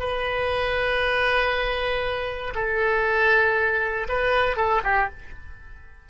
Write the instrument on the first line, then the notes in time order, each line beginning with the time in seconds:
oboe
0.00 B4
2.55 A4
4.09 B4
4.57 A4
4.84 G4